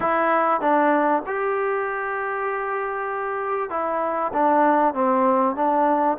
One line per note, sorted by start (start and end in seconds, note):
0.00 0.60 E4
0.60 1.22 D4
1.26 3.70 G4
3.70 4.32 E4
4.33 4.93 D4
4.93 5.55 C4
5.55 6.17 D4